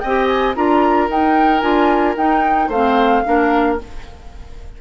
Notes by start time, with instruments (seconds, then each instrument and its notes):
0.00 bassoon C4, oboe D#5, flute G5
0.07 clarinet G4
0.27 flute G#5
0.55 bassoon D4, clarinet F4, oboe A#4, flute A#5
1.09 bassoon D#4, clarinet D#4, flute G5
1.61 bassoon D4, clarinet F4, flute G#5
2.16 bassoon D#4, clarinet D#4, flute G5
2.68 bassoon A3, clarinet C4, oboe C5, flute F5
3.25 bassoon A#3, clarinet D4, oboe A#4